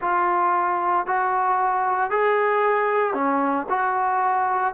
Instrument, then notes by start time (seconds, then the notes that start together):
trombone
0.00 F4
1.06 F#4
2.10 G#4
3.13 C#4
3.68 F#4